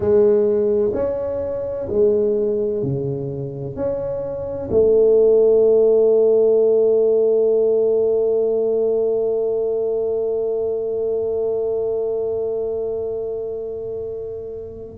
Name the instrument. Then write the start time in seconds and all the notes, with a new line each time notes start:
tuba
0.00 G#3
0.93 C#4
1.89 G#3
2.83 C#3
3.75 C#4
4.70 A3